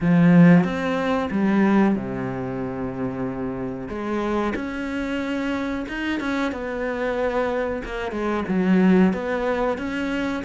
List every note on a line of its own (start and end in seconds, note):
0.01 0.64 F3
0.64 1.29 C4
1.30 1.95 G3
1.95 3.88 C3
3.88 4.53 G#3
4.55 5.85 C#4
5.88 6.20 D#4
6.20 6.52 C#4
6.52 7.82 B3
7.84 8.11 A#3
8.11 8.44 G#3
8.48 9.13 F#3
9.13 9.78 B3
9.78 10.43 C#4